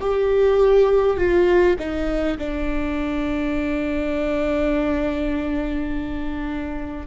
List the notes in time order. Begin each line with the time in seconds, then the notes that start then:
0.00 G4
1.17 F4
1.79 D#4
2.37 D4